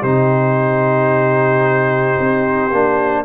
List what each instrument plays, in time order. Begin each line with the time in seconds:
0.00 tuba C3, trombone D#4, horn G4, trumpet C5
2.20 tuba C4
2.71 tuba A#3, trombone D4